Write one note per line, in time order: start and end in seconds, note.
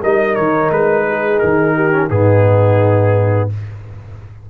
0.00 0.37 G3
0.00 1.92 D#4
0.00 1.05 A#4
0.00 0.35 D#5
0.35 0.70 D#3
0.35 0.70 C#5
0.70 1.40 G#3
0.70 1.38 B4
1.08 1.75 G#4
1.38 2.10 D#3
1.38 2.08 A#4
1.75 2.10 G4
1.92 2.09 C#4
2.09 3.49 G#2
2.09 3.50 B3
2.09 3.50 D#4
2.09 3.49 G#4